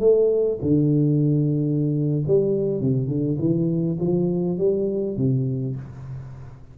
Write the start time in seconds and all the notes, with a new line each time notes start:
0.00 A3
0.62 D3
2.27 G3
2.81 C3
3.08 D3
3.39 E3
4.00 F3
4.58 G3
5.17 C3